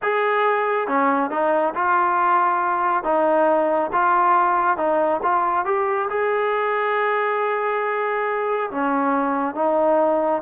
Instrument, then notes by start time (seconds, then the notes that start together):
trombone
0.02 G#4
0.87 C#4
1.30 D#4
1.74 F4
3.03 D#4
3.92 F4
4.77 D#4
5.22 F4
5.65 G4
6.09 G#4
8.70 C#4
9.55 D#4